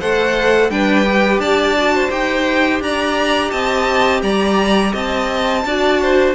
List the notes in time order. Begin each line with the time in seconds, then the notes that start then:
0.00 A3 A4 C5 F#5
0.70 G3 D4 B4 G5
1.05 G4
1.39 D4 D5 A5
1.78 F#4
1.94 C5
2.10 D#4 G4 G5
2.80 D4 D5 A#5
3.51 C4 D#5 A5
4.22 G3 D5 A#5
4.92 C4 D#5 A5
5.65 D4 F#4 D5
6.02 C5